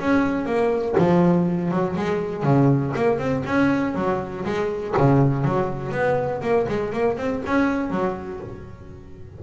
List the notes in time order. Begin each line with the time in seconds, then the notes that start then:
0.00 C#4
0.46 A#3
0.98 F3
1.71 F#3
1.97 G#3
2.43 C#3
2.95 A#3
3.18 C4
3.46 C#4
3.95 F#3
4.45 G#3
4.97 C#3
5.45 F#3
5.92 B3
6.42 A#3
6.68 G#3
6.93 A#3
7.17 C4
7.46 C#4
7.90 F#3